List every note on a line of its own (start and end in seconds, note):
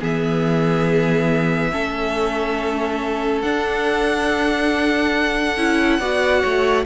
0.00 1.74 E3
0.00 1.71 B3
0.00 1.71 G#4
0.00 3.42 E5
1.71 3.43 A3
1.71 3.43 C#4
1.71 6.00 A4
3.42 5.57 D4
3.42 5.58 D4
3.42 6.85 F#5
5.57 5.99 C#4
5.57 6.01 E4
5.99 6.42 B3
5.99 6.86 F#4
5.99 6.42 D5
6.42 6.86 A3
6.42 6.85 C#5